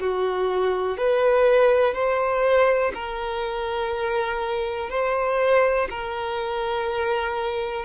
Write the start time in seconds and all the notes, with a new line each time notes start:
0.00 F#4
0.97 B4
1.94 C5
2.94 A#4
4.89 C5
5.90 A#4